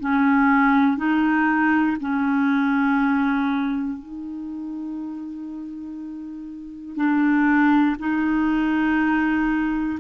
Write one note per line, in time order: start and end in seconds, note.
0.00 0.97 C#4
0.97 1.97 D#4
2.00 3.99 C#4
3.99 6.96 D#4
6.96 7.96 D4
8.00 10.00 D#4